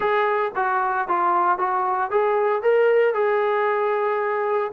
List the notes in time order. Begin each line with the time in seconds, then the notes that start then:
0.00 G#4
0.55 F#4
1.08 F4
1.58 F#4
2.11 G#4
2.62 A#4
3.14 G#4